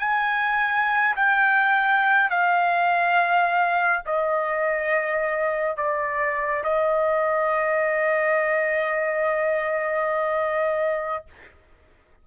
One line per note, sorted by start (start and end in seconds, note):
0.00 1.15 G#5
1.16 2.30 G5
2.30 4.03 F5
4.06 5.77 D#5
5.77 6.63 D5
6.64 11.26 D#5